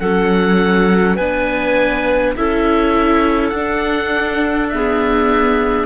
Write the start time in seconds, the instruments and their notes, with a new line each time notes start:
0.00 cello F#3, viola C#4, clarinet A4, oboe F#5
1.15 cello B3, viola D4, clarinet B4, oboe G#5
2.37 cello C#4, viola E4, clarinet A4, oboe E5
3.49 cello D4, viola D4, oboe F#5
4.70 viola B3, clarinet G#4, oboe E5